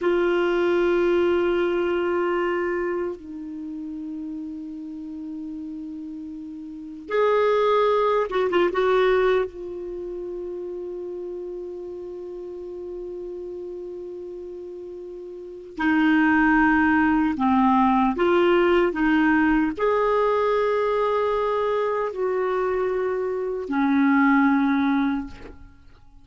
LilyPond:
\new Staff \with { instrumentName = "clarinet" } { \time 4/4 \tempo 4 = 76 f'1 | dis'1~ | dis'4 gis'4. fis'16 f'16 fis'4 | f'1~ |
f'1 | dis'2 c'4 f'4 | dis'4 gis'2. | fis'2 cis'2 | }